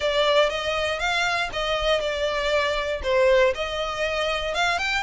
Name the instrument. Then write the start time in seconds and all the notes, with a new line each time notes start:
violin
0.00 D5
0.49 D#5
0.99 F5
1.52 D#5
2.00 D5
3.03 C5
3.54 D#5
4.54 F5
4.78 G5